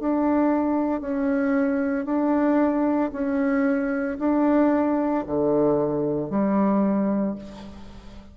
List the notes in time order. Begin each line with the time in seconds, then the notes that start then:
0.00 D4
1.00 C#4
2.05 D4
3.12 C#4
4.19 D4
5.27 D3
6.30 G3